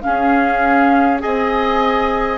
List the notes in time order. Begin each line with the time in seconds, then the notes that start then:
0.00 C#4 G#4 F5
1.19 C4 G#4 D#5 G#5